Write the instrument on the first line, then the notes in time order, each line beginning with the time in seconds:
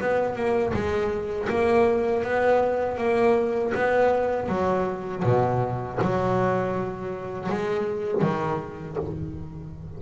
double bass
0.00 B3
0.35 A#3
0.73 G#3
1.49 A#3
2.23 B3
2.97 A#3
3.74 B3
4.48 F#3
5.24 B2
6.01 F#3
7.49 G#3
8.21 D#3